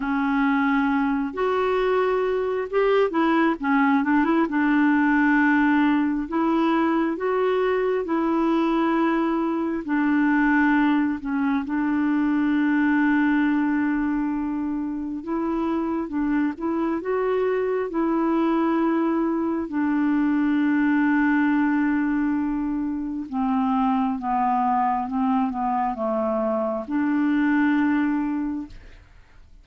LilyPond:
\new Staff \with { instrumentName = "clarinet" } { \time 4/4 \tempo 4 = 67 cis'4. fis'4. g'8 e'8 | cis'8 d'16 e'16 d'2 e'4 | fis'4 e'2 d'4~ | d'8 cis'8 d'2.~ |
d'4 e'4 d'8 e'8 fis'4 | e'2 d'2~ | d'2 c'4 b4 | c'8 b8 a4 d'2 | }